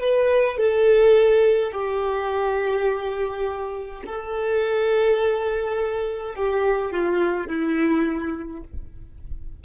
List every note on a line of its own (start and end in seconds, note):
0.00 0.58 B4
0.58 1.73 A4
1.73 4.03 G4
4.06 6.36 A4
6.36 6.92 G4
6.92 7.47 F4
7.47 8.63 E4